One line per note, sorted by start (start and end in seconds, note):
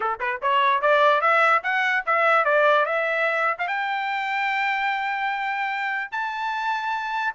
0.00 0.18 A4
0.20 0.40 B4
0.41 0.81 C#5
0.81 1.21 D5
1.21 1.62 E5
1.63 2.04 F#5
2.05 2.45 E5
2.45 2.85 D5
2.85 3.57 E5
3.58 3.67 F5
3.67 6.11 G5
6.11 7.34 A5